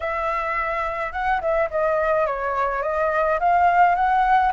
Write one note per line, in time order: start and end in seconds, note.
0.00 1.12 E5
1.12 1.40 F#5
1.41 1.69 E5
1.70 2.26 D#5
2.26 2.82 C#5
2.82 3.39 D#5
3.39 3.95 F5
3.95 4.51 F#5